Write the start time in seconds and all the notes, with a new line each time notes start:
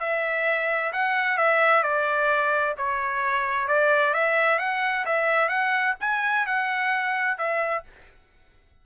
0.00 E5
0.93 F#5
1.37 E5
1.83 D5
2.78 C#5
3.68 D5
4.14 E5
4.59 F#5
5.06 E5
5.49 F#5
6.00 G#5
6.46 F#5
7.38 E5